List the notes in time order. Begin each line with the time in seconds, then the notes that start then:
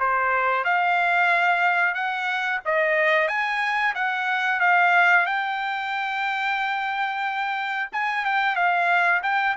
0.00 C5
0.65 F5
1.95 F#5
2.66 D#5
3.28 G#5
3.95 F#5
4.61 F5
5.26 G5
7.93 G#5
8.25 G5
8.56 F5
9.23 G5